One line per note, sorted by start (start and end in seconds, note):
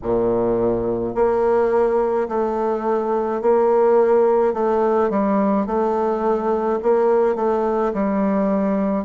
0.02 1.14 A#2
1.14 2.27 A#3
2.28 3.41 A3
3.41 4.53 A#3
4.53 5.09 A3
5.09 5.66 G3
5.66 6.79 A3
6.82 7.35 A#3
7.35 7.92 A3
7.93 9.04 G3